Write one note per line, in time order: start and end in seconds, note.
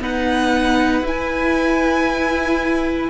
0.00 1.03 B3
0.00 1.01 D#4
0.00 3.10 B4
0.00 1.07 F#5
1.01 3.08 E4
1.01 3.10 E4
1.01 3.10 G#5